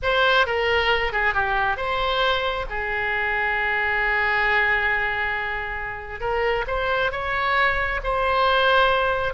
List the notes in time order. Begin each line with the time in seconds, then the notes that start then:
0.02 C5
0.46 A#4
1.12 G#4
1.34 G4
1.76 C5
2.69 G#4
6.20 A#4
6.67 C5
7.11 C#5
8.03 C5